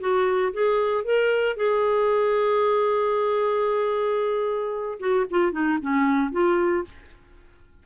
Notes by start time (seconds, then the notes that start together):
0.00 F#4
0.53 G#4
1.04 A#4
1.56 G#4
4.99 F#4
5.30 F4
5.52 D#4
5.81 C#4
6.32 F4